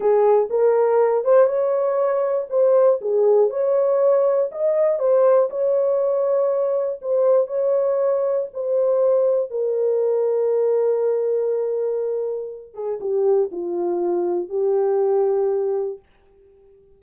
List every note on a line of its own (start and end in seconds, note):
0.00 0.48 G#4
0.50 1.24 A#4
1.24 1.46 C5
1.46 2.46 C#5
2.49 2.99 C5
3.01 3.50 G#4
3.50 4.50 C#5
4.51 4.99 D#5
4.99 5.49 C5
5.50 7.00 C#5
7.01 7.47 C5
7.47 8.47 C#5
8.53 9.50 C5
9.50 12.74 A#4
12.74 12.99 G#4
13.00 13.50 G4
13.51 14.49 F4
14.49 15.99 G4